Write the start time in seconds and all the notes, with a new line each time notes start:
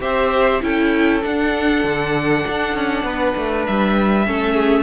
0.00 C4 G4 C5 E5
0.61 C#4 E4 A4 G5
1.22 D4 F#5
1.84 D3
2.48 D4
2.74 C#4
3.03 B3 B4
3.36 A3
3.66 G3 E5
4.26 A3 C#4 A4
4.54 G#4